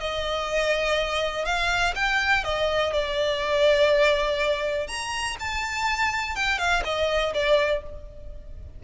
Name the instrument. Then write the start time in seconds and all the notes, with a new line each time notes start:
violin
0.00 D#5
1.45 F5
1.95 G5
2.44 D#5
2.93 D5
4.88 A#5
5.39 A5
6.35 G5
6.59 F5
6.84 D#5
7.34 D5